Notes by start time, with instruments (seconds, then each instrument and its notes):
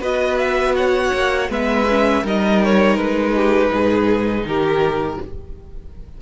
0.00 cello B3, viola F#4, violin B4 D#5
0.38 violin E5
0.76 violin C#5 F#5
1.13 cello A#3
1.49 cello G#3, viola B3, violin B4 E5
1.90 viola C#4
2.23 cello G3, viola D#4, violin A#4 D#5
2.64 violin C#5
2.97 cello G#3, violin B4
3.35 violin G4
3.73 cello G#2, violin G#4
4.44 cello D#3, violin G4 A#4